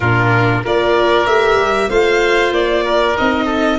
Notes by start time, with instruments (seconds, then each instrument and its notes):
0.00 tuba A#2, viola D4, oboe F4, violin A#4
0.63 tuba A#3, viola F4, oboe A#4, violin D5
1.26 tuba A3, viola G4, violin E5
1.56 tuba G3
1.89 tuba A3, viola F4, oboe C5, violin F5
2.51 tuba A#3, violin D5
2.84 oboe A#4
3.17 tuba C4, viola D#4, violin D#5
3.45 oboe A4